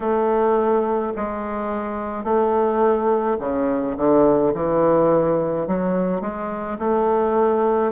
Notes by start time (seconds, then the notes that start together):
0.00 A3
1.16 G#3
2.24 A3
3.39 C#3
3.97 D3
4.54 E3
5.67 F#3
6.21 G#3
6.78 A3